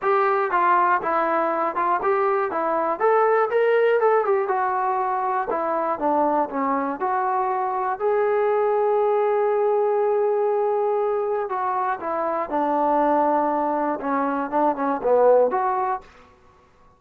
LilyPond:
\new Staff \with { instrumentName = "trombone" } { \time 4/4 \tempo 4 = 120 g'4 f'4 e'4. f'8 | g'4 e'4 a'4 ais'4 | a'8 g'8 fis'2 e'4 | d'4 cis'4 fis'2 |
gis'1~ | gis'2. fis'4 | e'4 d'2. | cis'4 d'8 cis'8 b4 fis'4 | }